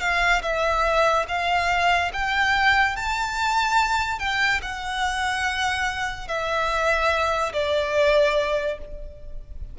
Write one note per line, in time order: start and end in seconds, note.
0.00 0.42 F5
0.42 1.25 E5
1.28 2.11 F5
2.13 2.96 G5
2.96 4.19 A5
4.19 4.60 G5
4.62 6.27 F#5
6.27 7.52 E5
7.53 8.78 D5